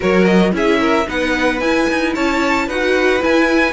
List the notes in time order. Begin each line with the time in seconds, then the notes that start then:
0.00 F#3 F#4 A#4 C#5
0.25 D#5
0.51 C#4 E4 G#4 E5
0.80 A#4
1.06 B3 D#4 B4 F#5
1.60 E4 G#5
1.89 D#4
2.14 C#4 C#5 A5
2.66 D#4 F#4 B4 F#5
3.19 E4 G#5